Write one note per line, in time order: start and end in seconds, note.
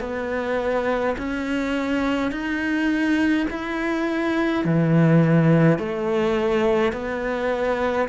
0.00 1.15 B3
1.17 2.31 C#4
2.31 3.47 D#4
3.50 4.64 E4
4.64 5.78 E3
5.78 6.92 A3
6.92 8.08 B3